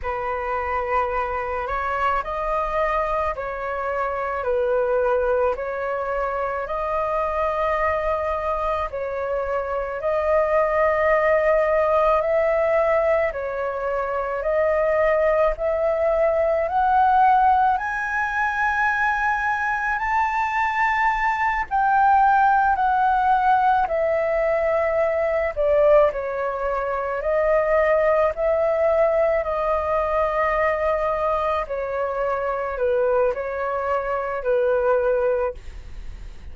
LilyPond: \new Staff \with { instrumentName = "flute" } { \time 4/4 \tempo 4 = 54 b'4. cis''8 dis''4 cis''4 | b'4 cis''4 dis''2 | cis''4 dis''2 e''4 | cis''4 dis''4 e''4 fis''4 |
gis''2 a''4. g''8~ | g''8 fis''4 e''4. d''8 cis''8~ | cis''8 dis''4 e''4 dis''4.~ | dis''8 cis''4 b'8 cis''4 b'4 | }